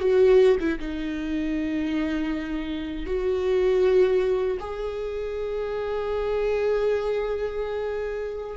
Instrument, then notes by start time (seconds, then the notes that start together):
viola
0.00 F#4
0.60 E4
0.79 D#4
3.06 F#4
4.60 G#4